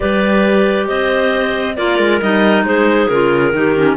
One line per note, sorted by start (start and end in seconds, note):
0.00 0.90 G3
0.00 1.75 G4
0.00 0.88 B4
0.00 0.87 D5
0.87 1.77 C4
0.87 1.76 C5
0.87 1.75 D#5
1.76 1.98 A#3
1.76 2.21 F4
1.76 2.65 A#4
1.76 2.20 D5
1.98 2.20 G#3
2.21 2.63 G3
2.21 3.09 D#4
2.21 2.65 D#5
2.63 3.07 G#3
2.63 3.53 G#4
2.63 3.08 C5
3.08 3.52 C#3
3.08 3.52 F4
3.08 3.97 A#4
3.52 3.96 D#3
3.52 3.75 D#4
3.52 3.97 G4
3.75 3.97 C#4